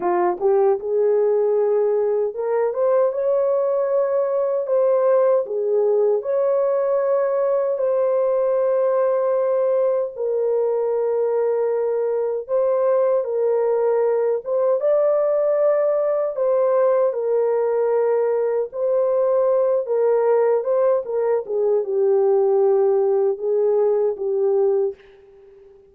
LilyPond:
\new Staff \with { instrumentName = "horn" } { \time 4/4 \tempo 4 = 77 f'8 g'8 gis'2 ais'8 c''8 | cis''2 c''4 gis'4 | cis''2 c''2~ | c''4 ais'2. |
c''4 ais'4. c''8 d''4~ | d''4 c''4 ais'2 | c''4. ais'4 c''8 ais'8 gis'8 | g'2 gis'4 g'4 | }